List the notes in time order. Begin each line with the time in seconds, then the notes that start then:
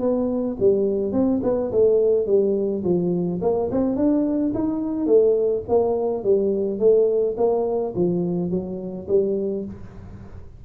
0.00 B3
0.59 G3
1.12 C4
1.43 B3
1.72 A3
2.26 G3
2.84 F3
3.41 A#3
3.71 C4
3.96 D4
4.54 D#4
5.06 A3
5.68 A#3
6.23 G3
6.79 A3
7.37 A#3
7.95 F3
8.50 F#3
9.08 G3